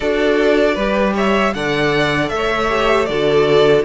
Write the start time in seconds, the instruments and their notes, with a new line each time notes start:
0.00 cello D4, viola F#4, violin A4 D5
0.74 cello G3, viola G4, violin B4
1.14 violin C#5 E5
1.54 cello D3, viola A4, violin D5 F#5
2.29 cello A3, violin E5
2.36 violin C#5
2.69 viola G4
3.05 cello D3, viola F#4, violin A4 D5